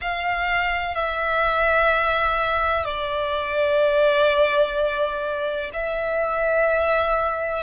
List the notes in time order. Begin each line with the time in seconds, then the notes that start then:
0.01 F5
0.94 E5
2.84 D5
5.73 E5